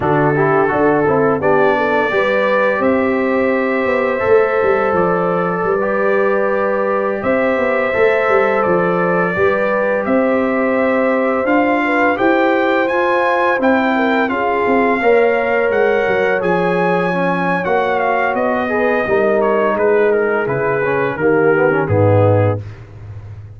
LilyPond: <<
  \new Staff \with { instrumentName = "trumpet" } { \time 4/4 \tempo 4 = 85 a'2 d''2 | e''2. d''4~ | d''2~ d''16 e''4.~ e''16~ | e''16 d''2 e''4.~ e''16~ |
e''16 f''4 g''4 gis''4 g''8.~ | g''16 f''2 fis''4 gis''8.~ | gis''4 fis''8 f''8 dis''4. cis''8 | b'8 ais'8 b'4 ais'4 gis'4 | }
  \new Staff \with { instrumentName = "horn" } { \time 4/4 fis'8 g'8 a'4 g'8 a'8 b'4 | c''1 | b'2~ b'16 c''4.~ c''16~ | c''4~ c''16 b'4 c''4.~ c''16~ |
c''8. b'8 c''2~ c''8 ais'16~ | ais'16 gis'4 cis''2~ cis''8.~ | cis''2~ cis''8 b'8 ais'4 | gis'2 g'4 dis'4 | }
  \new Staff \with { instrumentName = "trombone" } { \time 4/4 d'8 e'8 fis'8 e'8 d'4 g'4~ | g'2 a'2~ | a'16 g'2. a'8.~ | a'4~ a'16 g'2~ g'8.~ |
g'16 f'4 g'4 f'4 e'8.~ | e'16 f'4 ais'2 gis'8.~ | gis'16 cis'8. fis'4. gis'8 dis'4~ | dis'4 e'8 cis'8 ais8 b16 cis'16 b4 | }
  \new Staff \with { instrumentName = "tuba" } { \time 4/4 d4 d'8 c'8 b4 g4 | c'4. b8 a8 g8 f4 | g2~ g16 c'8 b8 a8 g16~ | g16 f4 g4 c'4.~ c'16~ |
c'16 d'4 e'4 f'4 c'8.~ | c'16 cis'8 c'8 ais4 gis8 fis8 f8.~ | f4 ais4 b4 g4 | gis4 cis4 dis4 gis,4 | }
>>